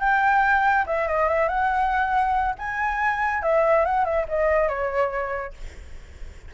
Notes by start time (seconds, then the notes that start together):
0.00 G5
0.86 E5
1.08 D#5
1.29 E5
1.48 F#5
2.58 G#5
3.43 E5
3.85 F#5
4.05 E5
4.29 D#5
4.69 C#5